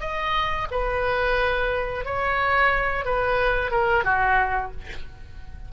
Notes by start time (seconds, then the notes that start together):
0.00 D#5
0.71 B4
2.05 C#5
3.05 B4
3.71 A#4
4.04 F#4